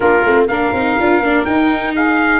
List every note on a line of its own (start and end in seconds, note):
0.00 0.23 A#3
0.00 0.23 D4
0.00 0.47 F4
0.00 0.45 A#4
0.24 0.47 A3
0.24 0.49 C4
0.47 0.72 A#3
0.47 0.74 D4
0.47 1.93 A#4
0.47 1.45 F5
0.72 0.96 C4
0.72 0.99 D#4
0.99 1.20 D4
0.99 1.23 F4
1.20 1.44 A#3
1.20 1.46 D4
1.45 2.40 D#4
1.45 1.93 G5
1.93 2.40 G#4
1.93 2.40 F5